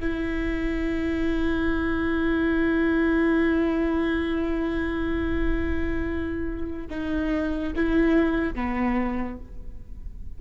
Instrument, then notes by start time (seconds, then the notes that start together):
viola
0.00 E4
6.90 D#4
7.76 E4
8.55 B3